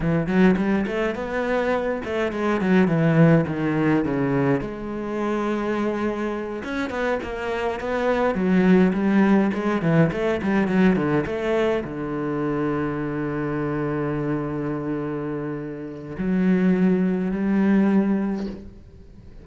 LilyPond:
\new Staff \with { instrumentName = "cello" } { \time 4/4 \tempo 4 = 104 e8 fis8 g8 a8 b4. a8 | gis8 fis8 e4 dis4 cis4 | gis2.~ gis8 cis'8 | b8 ais4 b4 fis4 g8~ |
g8 gis8 e8 a8 g8 fis8 d8 a8~ | a8 d2.~ d8~ | d1 | fis2 g2 | }